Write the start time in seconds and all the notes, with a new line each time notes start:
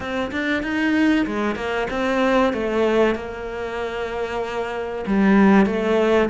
0.00 C4
0.31 D4
0.63 D#4
1.26 G#3
1.55 A#3
1.90 C4
2.53 A3
3.15 A#3
5.06 G3
5.66 A3